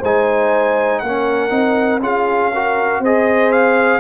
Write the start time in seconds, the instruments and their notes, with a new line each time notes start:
0.00 tuba G#3, trombone D#4, horn C5, trumpet G#5
0.99 tuba A#3, horn A#4, trumpet F#5
1.05 trombone C#4
1.50 tuba C4, trombone D#4
2.00 tuba C#4, trombone F4, horn G#4, trumpet F5
2.54 trombone F#4, horn A#4
3.00 tuba C4, trombone G#4, horn C5, trumpet D#5
3.52 trumpet F5